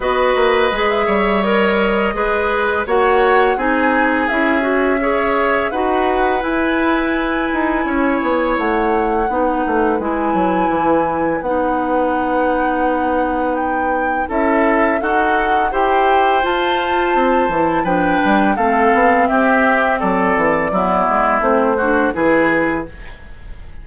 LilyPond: <<
  \new Staff \with { instrumentName = "flute" } { \time 4/4 \tempo 4 = 84 dis''4~ dis''16 e''8. dis''2 | fis''4 gis''4 e''2 | fis''4 gis''2. | fis''2 gis''2 |
fis''2. g''4 | e''4 fis''4 g''4 a''4~ | a''4 g''4 f''4 e''4 | d''2 c''4 b'4 | }
  \new Staff \with { instrumentName = "oboe" } { \time 4/4 b'4. cis''4. b'4 | cis''4 gis'2 cis''4 | b'2. cis''4~ | cis''4 b'2.~ |
b'1 | a'4 fis'4 c''2~ | c''4 b'4 a'4 g'4 | a'4 e'4. fis'8 gis'4 | }
  \new Staff \with { instrumentName = "clarinet" } { \time 4/4 fis'4 gis'4 ais'4 gis'4 | fis'4 dis'4 e'8 fis'8 gis'4 | fis'4 e'2.~ | e'4 dis'4 e'2 |
dis'1 | e'4 a'4 g'4 f'4~ | f'8 e'8 d'4 c'2~ | c'4 b4 c'8 d'8 e'4 | }
  \new Staff \with { instrumentName = "bassoon" } { \time 4/4 b8 ais8 gis8 g4. gis4 | ais4 c'4 cis'2 | dis'4 e'4. dis'8 cis'8 b8 | a4 b8 a8 gis8 fis8 e4 |
b1 | cis'4 dis'4 e'4 f'4 | c'8 e8 f8 g8 a8 b8 c'4 | fis8 e8 fis8 gis8 a4 e4 | }
>>